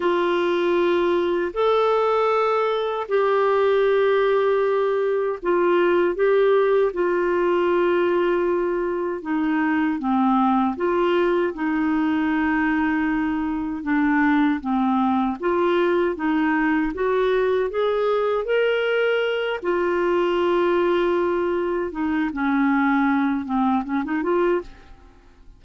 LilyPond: \new Staff \with { instrumentName = "clarinet" } { \time 4/4 \tempo 4 = 78 f'2 a'2 | g'2. f'4 | g'4 f'2. | dis'4 c'4 f'4 dis'4~ |
dis'2 d'4 c'4 | f'4 dis'4 fis'4 gis'4 | ais'4. f'2~ f'8~ | f'8 dis'8 cis'4. c'8 cis'16 dis'16 f'8 | }